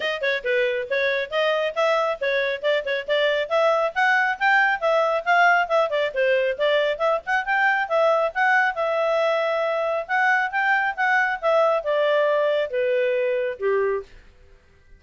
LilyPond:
\new Staff \with { instrumentName = "clarinet" } { \time 4/4 \tempo 4 = 137 dis''8 cis''8 b'4 cis''4 dis''4 | e''4 cis''4 d''8 cis''8 d''4 | e''4 fis''4 g''4 e''4 | f''4 e''8 d''8 c''4 d''4 |
e''8 fis''8 g''4 e''4 fis''4 | e''2. fis''4 | g''4 fis''4 e''4 d''4~ | d''4 b'2 g'4 | }